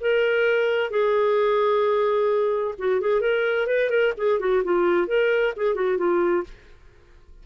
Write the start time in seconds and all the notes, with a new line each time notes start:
0.00 A#4
0.90 G#4
2.78 F#4
3.00 G#4
3.21 A#4
3.67 B4
3.90 A#4
4.17 G#4
4.40 F#4
4.64 F4
5.07 A#4
5.56 G#4
5.75 F#4
5.97 F4